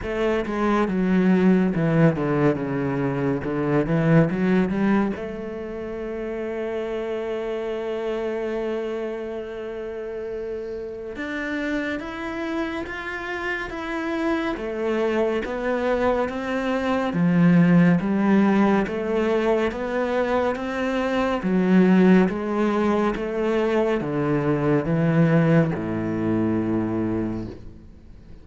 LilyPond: \new Staff \with { instrumentName = "cello" } { \time 4/4 \tempo 4 = 70 a8 gis8 fis4 e8 d8 cis4 | d8 e8 fis8 g8 a2~ | a1~ | a4 d'4 e'4 f'4 |
e'4 a4 b4 c'4 | f4 g4 a4 b4 | c'4 fis4 gis4 a4 | d4 e4 a,2 | }